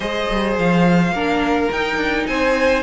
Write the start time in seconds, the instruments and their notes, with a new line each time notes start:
0.00 cello G#3, viola G#4, violin C5 D#5
0.30 cello G3
0.58 cello F3, violin F5
1.12 cello A#3, viola D4, violin A#4
1.71 cello D#4, viola D#4, violin G5
1.96 cello D4
2.26 cello C4, violin C5 G#5